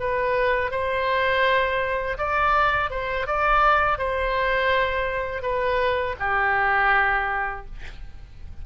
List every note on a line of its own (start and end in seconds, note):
0.00 0.72 B4
0.72 2.18 C5
2.19 2.91 D5
2.91 3.27 C5
3.27 3.99 D5
3.99 5.43 C5
5.43 6.16 B4
6.20 7.66 G4